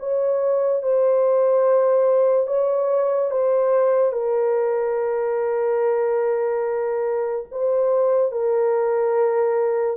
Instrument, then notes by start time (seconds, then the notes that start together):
horn
0.00 C#5
0.83 C5
2.48 C#5
3.31 C5
4.13 A#4
7.52 C5
8.32 A#4